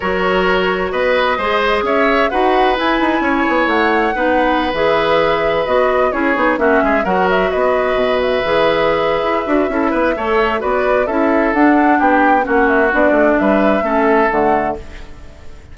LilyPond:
<<
  \new Staff \with { instrumentName = "flute" } { \time 4/4 \tempo 4 = 130 cis''2 dis''2 | e''4 fis''4 gis''2 | fis''2~ fis''16 e''4.~ e''16~ | e''16 dis''4 cis''4 e''4 fis''8 e''16~ |
e''16 dis''4. e''2~ e''16~ | e''2. d''4 | e''4 fis''4 g''4 fis''8 e''8 | d''4 e''2 fis''4 | }
  \new Staff \with { instrumentName = "oboe" } { \time 4/4 ais'2 b'4 c''4 | cis''4 b'2 cis''4~ | cis''4 b'2.~ | b'4~ b'16 gis'4 fis'8 gis'8 ais'8.~ |
ais'16 b'2.~ b'8.~ | b'4 a'8 b'8 cis''4 b'4 | a'2 g'4 fis'4~ | fis'4 b'4 a'2 | }
  \new Staff \with { instrumentName = "clarinet" } { \time 4/4 fis'2. gis'4~ | gis'4 fis'4 e'2~ | e'4 dis'4~ dis'16 gis'4.~ gis'16~ | gis'16 fis'4 e'8 dis'8 cis'4 fis'8.~ |
fis'2~ fis'16 gis'4.~ gis'16~ | gis'8 fis'8 e'4 a'4 fis'4 | e'4 d'2 cis'4 | d'2 cis'4 a4 | }
  \new Staff \with { instrumentName = "bassoon" } { \time 4/4 fis2 b4 gis4 | cis'4 dis'4 e'8 dis'8 cis'8 b8 | a4 b4~ b16 e4.~ e16~ | e16 b4 cis'8 b8 ais8 gis8 fis8.~ |
fis16 b4 b,4 e4.~ e16 | e'8 d'8 cis'8 b8 a4 b4 | cis'4 d'4 b4 ais4 | b8 a8 g4 a4 d4 | }
>>